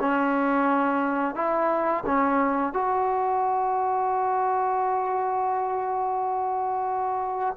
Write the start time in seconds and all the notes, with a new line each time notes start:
0.00 C#4
1.35 E4
2.06 C#4
2.73 F#4